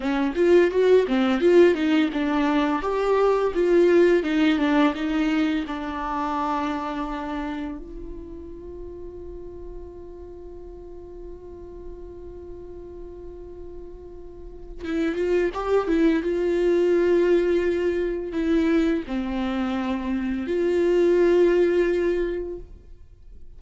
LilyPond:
\new Staff \with { instrumentName = "viola" } { \time 4/4 \tempo 4 = 85 cis'8 f'8 fis'8 c'8 f'8 dis'8 d'4 | g'4 f'4 dis'8 d'8 dis'4 | d'2. f'4~ | f'1~ |
f'1~ | f'4 e'8 f'8 g'8 e'8 f'4~ | f'2 e'4 c'4~ | c'4 f'2. | }